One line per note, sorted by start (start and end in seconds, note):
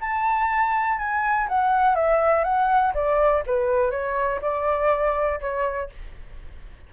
0.00 0.98 A5
0.98 1.47 G#5
1.48 1.95 F#5
1.95 2.44 E5
2.44 2.93 F#5
2.94 3.43 D5
3.46 3.91 B4
3.91 4.40 C#5
4.42 5.40 D5
5.40 5.89 C#5